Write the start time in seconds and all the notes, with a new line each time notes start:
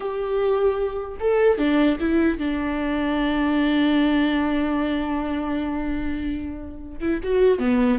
0.00 G4
1.19 A4
1.58 D4
2.00 E4
2.38 D4
7.00 E4
7.23 F#4
7.59 B3